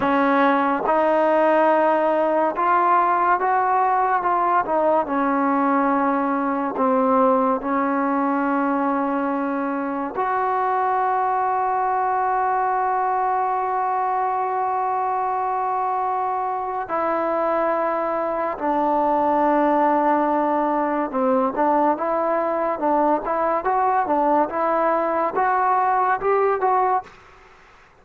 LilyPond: \new Staff \with { instrumentName = "trombone" } { \time 4/4 \tempo 4 = 71 cis'4 dis'2 f'4 | fis'4 f'8 dis'8 cis'2 | c'4 cis'2. | fis'1~ |
fis'1 | e'2 d'2~ | d'4 c'8 d'8 e'4 d'8 e'8 | fis'8 d'8 e'4 fis'4 g'8 fis'8 | }